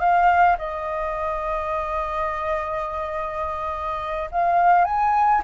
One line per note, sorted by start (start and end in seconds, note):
0.00 0.57 F5
0.59 4.30 D#5
4.32 4.85 F5
4.85 5.42 G#5